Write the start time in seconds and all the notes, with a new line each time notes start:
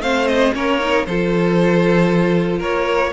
0.00 A3 C4 C5 F5
0.27 D#5
0.54 A#3 C#4 A#4 C#5
0.80 D#4
1.05 F3 F4 A4 C5
2.59 A#3 A#4 C#5